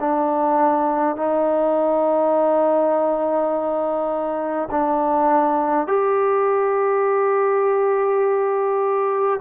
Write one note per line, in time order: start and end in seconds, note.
0.00 1.16 D4
1.16 4.69 D#4
4.71 5.87 D4
5.87 9.40 G4